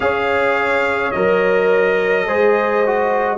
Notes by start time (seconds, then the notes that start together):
0.00 C#4 G#4 C#5 F5
1.11 F#3 A#4 D#5
2.26 G#3 G#4 C5
2.86 F#4